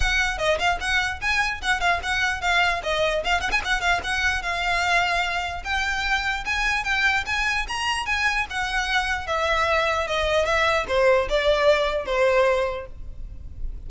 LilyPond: \new Staff \with { instrumentName = "violin" } { \time 4/4 \tempo 4 = 149 fis''4 dis''8 f''8 fis''4 gis''4 | fis''8 f''8 fis''4 f''4 dis''4 | f''8 fis''16 gis''16 fis''8 f''8 fis''4 f''4~ | f''2 g''2 |
gis''4 g''4 gis''4 ais''4 | gis''4 fis''2 e''4~ | e''4 dis''4 e''4 c''4 | d''2 c''2 | }